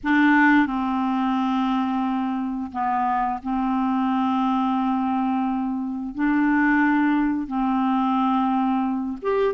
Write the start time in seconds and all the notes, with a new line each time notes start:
0.03 D4
0.66 C4
2.71 B3
3.42 C4
6.15 D4
7.47 C4
9.21 G4